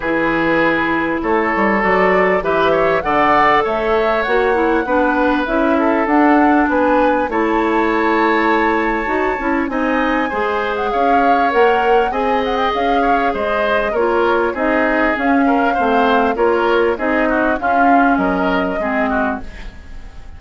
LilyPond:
<<
  \new Staff \with { instrumentName = "flute" } { \time 4/4 \tempo 4 = 99 b'2 cis''4 d''4 | e''4 fis''4 e''4 fis''4~ | fis''4 e''4 fis''4 gis''4 | a''1 |
gis''4.~ gis''16 fis''16 f''4 fis''4 | gis''8 fis''16 g''16 f''4 dis''4 cis''4 | dis''4 f''2 cis''4 | dis''4 f''4 dis''2 | }
  \new Staff \with { instrumentName = "oboe" } { \time 4/4 gis'2 a'2 | b'8 cis''8 d''4 cis''2 | b'4. a'4. b'4 | cis''1 |
dis''4 c''4 cis''2 | dis''4. cis''8 c''4 ais'4 | gis'4. ais'8 c''4 ais'4 | gis'8 fis'8 f'4 ais'4 gis'8 fis'8 | }
  \new Staff \with { instrumentName = "clarinet" } { \time 4/4 e'2. fis'4 | g'4 a'2 fis'8 e'8 | d'4 e'4 d'2 | e'2. fis'8 e'8 |
dis'4 gis'2 ais'4 | gis'2. f'4 | dis'4 cis'4 c'4 f'4 | dis'4 cis'2 c'4 | }
  \new Staff \with { instrumentName = "bassoon" } { \time 4/4 e2 a8 g8 fis4 | e4 d4 a4 ais4 | b4 cis'4 d'4 b4 | a2. dis'8 cis'8 |
c'4 gis4 cis'4 ais4 | c'4 cis'4 gis4 ais4 | c'4 cis'4 a4 ais4 | c'4 cis'4 fis4 gis4 | }
>>